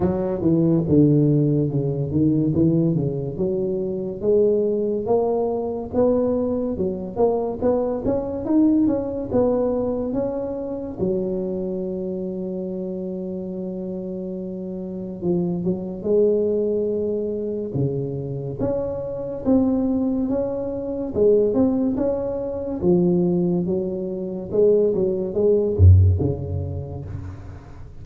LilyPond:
\new Staff \with { instrumentName = "tuba" } { \time 4/4 \tempo 4 = 71 fis8 e8 d4 cis8 dis8 e8 cis8 | fis4 gis4 ais4 b4 | fis8 ais8 b8 cis'8 dis'8 cis'8 b4 | cis'4 fis2.~ |
fis2 f8 fis8 gis4~ | gis4 cis4 cis'4 c'4 | cis'4 gis8 c'8 cis'4 f4 | fis4 gis8 fis8 gis8 fis,8 cis4 | }